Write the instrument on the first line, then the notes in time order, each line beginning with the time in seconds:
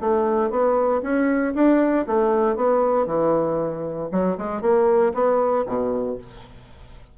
bassoon
0.00 A3
0.50 B3
1.02 C#4
1.55 D4
2.06 A3
2.56 B3
3.06 E3
4.11 F#3
4.37 G#3
4.61 A#3
5.14 B3
5.66 B2